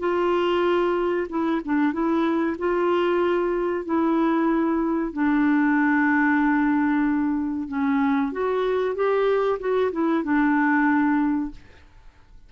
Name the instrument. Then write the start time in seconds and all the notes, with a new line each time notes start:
clarinet
0.00 F4
1.29 E4
1.65 D4
1.93 E4
2.59 F4
3.86 E4
5.13 D4
7.68 C#4
8.32 F#4
8.95 G4
9.60 F#4
9.92 E4
10.24 D4